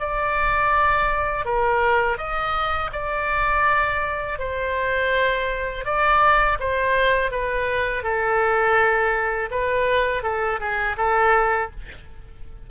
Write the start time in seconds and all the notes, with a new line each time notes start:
0.00 D5
1.46 A#4
2.18 D#5
2.93 D5
4.39 C5
5.85 D5
6.60 C5
7.32 B4
8.04 A4
9.52 B4
10.23 A4
10.61 G#4
10.98 A4